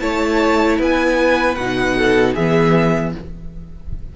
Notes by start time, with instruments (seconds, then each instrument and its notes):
0.00 cello A3, viola E4, violin C#5 A5
0.79 cello B3, violin B4 G#5
1.55 cello B2, viola D#4, violin F#5
1.97 violin A4
2.34 cello E3, viola B3, violin G#4 E5